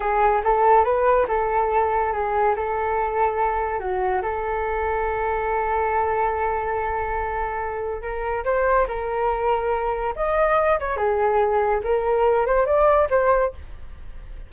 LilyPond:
\new Staff \with { instrumentName = "flute" } { \time 4/4 \tempo 4 = 142 gis'4 a'4 b'4 a'4~ | a'4 gis'4 a'2~ | a'4 fis'4 a'2~ | a'1~ |
a'2. ais'4 | c''4 ais'2. | dis''4. cis''8 gis'2 | ais'4. c''8 d''4 c''4 | }